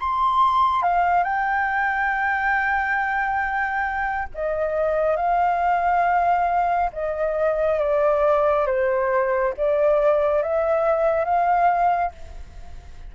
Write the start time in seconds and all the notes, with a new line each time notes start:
0.00 C6
0.83 F5
1.24 G5
4.34 D#5
5.17 F5
6.93 D#5
7.79 D5
8.66 C5
9.57 D5
10.42 E5
11.25 F5